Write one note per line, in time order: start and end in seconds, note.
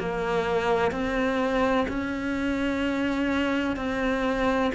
0.00 0.92 A#3
0.92 1.87 C4
1.88 3.76 C#4
3.76 4.71 C4